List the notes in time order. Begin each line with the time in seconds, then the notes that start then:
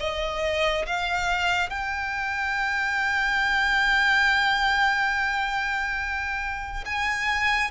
0.00 D#5
0.86 F5
1.70 G5
6.86 G#5